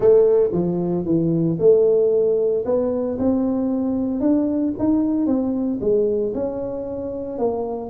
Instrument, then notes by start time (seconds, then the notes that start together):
tuba
0.00 A3
0.52 F3
1.05 E3
1.59 A3
2.65 B3
3.18 C4
4.20 D4
4.78 D#4
5.26 C4
5.80 G#3
6.34 C#4
7.38 A#3